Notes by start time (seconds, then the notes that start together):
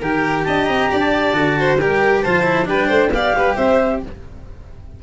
0.00 D#3 G4 A#4 G5
0.44 D4 D#5 A5
0.64 C4 A#5
0.91 D4 D5
0.98 A5
1.33 D3 F#4
1.58 C5
1.79 G3 G4 A#4 G5
2.22 F3 F4 C5 A5
2.43 E4
2.65 G3 D4 B4 G5
2.87 A3 C5
3.11 B3 G4 D5 F5
3.34 G3 B4
3.55 C4 C5 E5